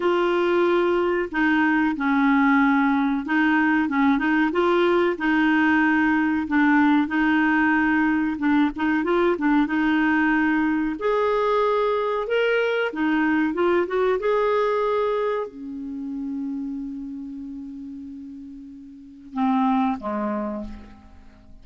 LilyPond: \new Staff \with { instrumentName = "clarinet" } { \time 4/4 \tempo 4 = 93 f'2 dis'4 cis'4~ | cis'4 dis'4 cis'8 dis'8 f'4 | dis'2 d'4 dis'4~ | dis'4 d'8 dis'8 f'8 d'8 dis'4~ |
dis'4 gis'2 ais'4 | dis'4 f'8 fis'8 gis'2 | cis'1~ | cis'2 c'4 gis4 | }